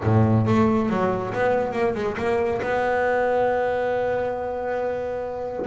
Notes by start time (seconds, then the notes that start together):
0.03 A2
0.46 A3
0.89 F#3
1.33 B3
1.72 A#3
1.95 G#3
2.17 A#3
2.61 B3